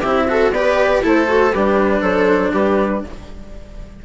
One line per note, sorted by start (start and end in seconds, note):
0.00 0.51 C4
0.00 0.28 E4
0.00 0.25 G4
0.00 0.51 E5
0.28 0.53 F#4
0.28 0.55 A4
0.51 1.01 B3
0.51 1.03 G4
0.51 1.02 B4
0.51 1.02 D5
1.02 1.54 A3
1.02 1.27 E4
1.02 1.53 A4
1.02 1.52 C5
1.27 1.52 F#4
1.52 2.02 G3
1.52 3.05 D4
1.52 2.01 G4
1.52 2.02 B4
2.01 2.52 F#3
2.01 2.51 A4
2.01 2.52 C5
2.52 3.03 G3
2.52 3.02 G4
2.52 3.04 B4